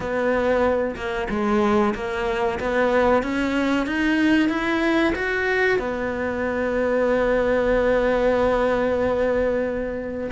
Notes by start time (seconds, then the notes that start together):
0.00 B3
0.95 A#3
1.29 G#3
1.94 A#3
2.59 B3
3.23 C#4
3.86 D#4
4.49 E4
5.15 F#4
5.78 B3